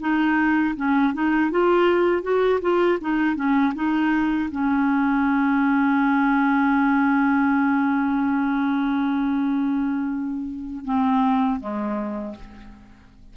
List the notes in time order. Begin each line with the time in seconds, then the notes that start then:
0.00 D#4
0.76 C#4
1.14 D#4
1.51 F4
2.23 F#4
2.61 F4
3.01 D#4
3.36 C#4
3.75 D#4
4.51 C#4
10.85 C4
11.60 G#3